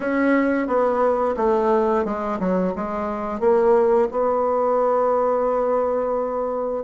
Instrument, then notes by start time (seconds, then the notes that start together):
bassoon
0.00 C#4
0.67 B3
1.36 A3
2.05 G#3
2.39 F#3
2.75 G#3
3.39 A#3
4.11 B3